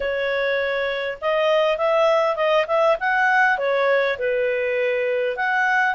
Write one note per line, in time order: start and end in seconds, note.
0.00 1.17 C#5
1.21 1.77 D#5
1.77 2.35 E5
2.35 2.65 D#5
2.67 2.96 E5
3.00 3.58 F#5
3.58 4.17 C#5
4.18 5.36 B4
5.36 5.94 F#5